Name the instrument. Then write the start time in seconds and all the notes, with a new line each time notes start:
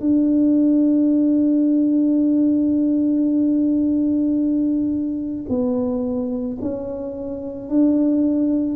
tuba
0.00 D4
5.48 B3
6.61 C#4
7.69 D4